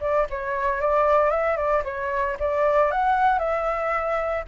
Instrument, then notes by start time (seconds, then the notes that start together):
flute
0.00 D5
0.29 C#5
0.80 D5
1.30 E5
1.56 D5
1.84 C#5
2.39 D5
2.91 F#5
3.38 E5